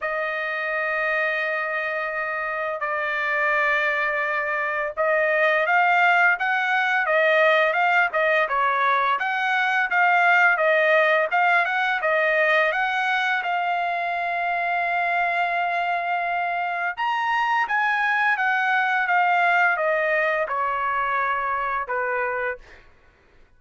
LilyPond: \new Staff \with { instrumentName = "trumpet" } { \time 4/4 \tempo 4 = 85 dis''1 | d''2. dis''4 | f''4 fis''4 dis''4 f''8 dis''8 | cis''4 fis''4 f''4 dis''4 |
f''8 fis''8 dis''4 fis''4 f''4~ | f''1 | ais''4 gis''4 fis''4 f''4 | dis''4 cis''2 b'4 | }